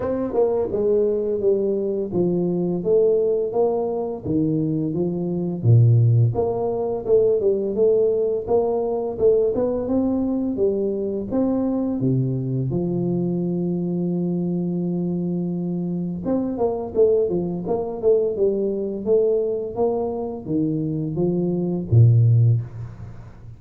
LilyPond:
\new Staff \with { instrumentName = "tuba" } { \time 4/4 \tempo 4 = 85 c'8 ais8 gis4 g4 f4 | a4 ais4 dis4 f4 | ais,4 ais4 a8 g8 a4 | ais4 a8 b8 c'4 g4 |
c'4 c4 f2~ | f2. c'8 ais8 | a8 f8 ais8 a8 g4 a4 | ais4 dis4 f4 ais,4 | }